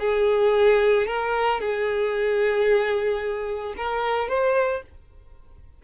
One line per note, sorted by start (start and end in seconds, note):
0.00 1.07 G#4
1.07 1.61 A#4
1.61 3.75 G#4
3.77 4.29 A#4
4.29 4.82 C5